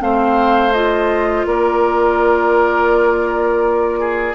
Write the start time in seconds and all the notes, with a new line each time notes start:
0.00 A3 C4 C5 F5
0.73 F4 D#5
1.47 A#3 A#4 D5
4.00 G#4